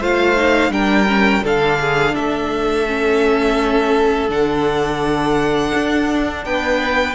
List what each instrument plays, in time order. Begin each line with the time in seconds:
0.00 cello A3, viola F4, violin C5 F5
0.36 viola D#4
0.69 cello G3, viola D4, violin A#4 G5
1.08 viola C#4
1.43 cello D3, viola D4, violin A4 F5
1.80 violin G#4
2.15 cello A3, violin A4 E5
2.87 viola C#4
4.29 cello D3, viola D4, violin F#5
5.75 cello D4
6.44 cello B3, violin B4 G5